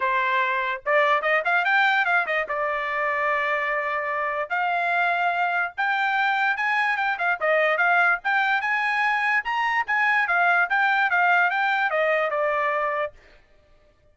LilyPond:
\new Staff \with { instrumentName = "trumpet" } { \time 4/4 \tempo 4 = 146 c''2 d''4 dis''8 f''8 | g''4 f''8 dis''8 d''2~ | d''2. f''4~ | f''2 g''2 |
gis''4 g''8 f''8 dis''4 f''4 | g''4 gis''2 ais''4 | gis''4 f''4 g''4 f''4 | g''4 dis''4 d''2 | }